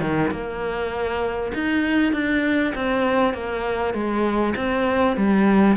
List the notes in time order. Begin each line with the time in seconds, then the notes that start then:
0.00 D#3
0.31 A#3
1.54 D#4
2.12 D4
2.75 C4
3.33 A#3
3.93 G#3
4.56 C4
5.16 G3